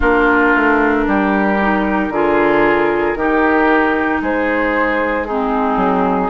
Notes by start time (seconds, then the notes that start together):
0.00 A#3 D4 F4 A#4
0.55 A3
1.06 G3 G4
1.61 D#4
2.09 D3 F4 G#4
3.15 D#3 D#4 G4
4.21 G#3 G#4 C5
5.25 C4 D#4 G#4
5.76 F#3